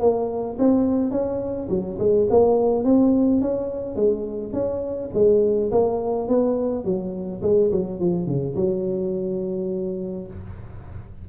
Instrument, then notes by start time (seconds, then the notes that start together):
tuba
0.00 A#3
0.58 C4
1.11 C#4
1.69 F#3
1.99 G#3
2.30 A#3
2.84 C4
3.41 C#4
3.96 G#3
4.53 C#4
5.14 G#3
5.71 A#3
6.28 B3
6.84 F#3
7.42 G#3
7.71 F#3
7.99 F3
8.26 C#3
8.56 F#3